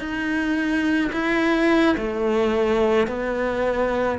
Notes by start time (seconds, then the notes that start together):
0.00 D#4
1.13 E4
1.97 A3
3.08 B3